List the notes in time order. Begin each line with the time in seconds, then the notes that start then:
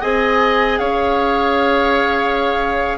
0.00 C4 G#4 D#5 G#5
0.78 C#4 C#5 F5